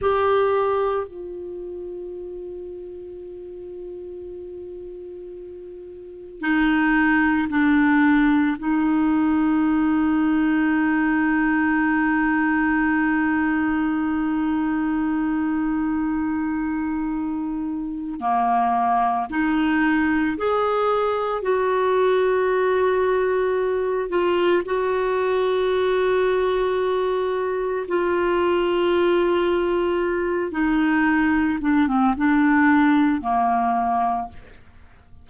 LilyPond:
\new Staff \with { instrumentName = "clarinet" } { \time 4/4 \tempo 4 = 56 g'4 f'2.~ | f'2 dis'4 d'4 | dis'1~ | dis'1~ |
dis'4 ais4 dis'4 gis'4 | fis'2~ fis'8 f'8 fis'4~ | fis'2 f'2~ | f'8 dis'4 d'16 c'16 d'4 ais4 | }